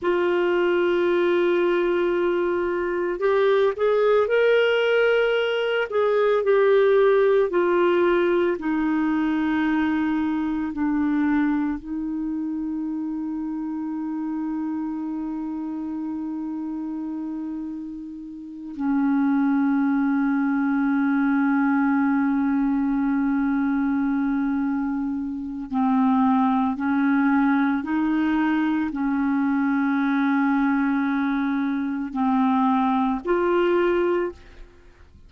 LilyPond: \new Staff \with { instrumentName = "clarinet" } { \time 4/4 \tempo 4 = 56 f'2. g'8 gis'8 | ais'4. gis'8 g'4 f'4 | dis'2 d'4 dis'4~ | dis'1~ |
dis'4. cis'2~ cis'8~ | cis'1 | c'4 cis'4 dis'4 cis'4~ | cis'2 c'4 f'4 | }